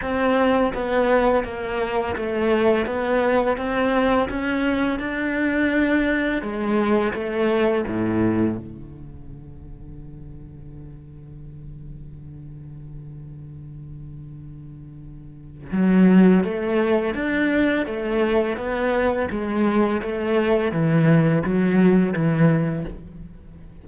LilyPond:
\new Staff \with { instrumentName = "cello" } { \time 4/4 \tempo 4 = 84 c'4 b4 ais4 a4 | b4 c'4 cis'4 d'4~ | d'4 gis4 a4 a,4 | d1~ |
d1~ | d2 fis4 a4 | d'4 a4 b4 gis4 | a4 e4 fis4 e4 | }